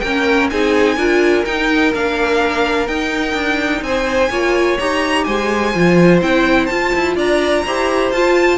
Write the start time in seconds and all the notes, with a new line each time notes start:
0.00 A#3 C#4 A#4 G5
0.50 C4 D#4 G#4 G#5
0.97 D4 F4 A#4
1.45 D#4 G5
1.94 A#3 D4 F5
2.87 D#4 G5
3.34 D4
3.82 C4 C5 G#5
4.30 A#3 F4 C#5
4.79 D#4 G4 A#5
5.24 G#3 C5 G#5
5.75 F3 F4
6.21 C4 E4 G5
6.66 F4 A5
6.95 E4
7.16 D4 D5 A#5
7.66 E4 G4 C5
8.12 F4 A5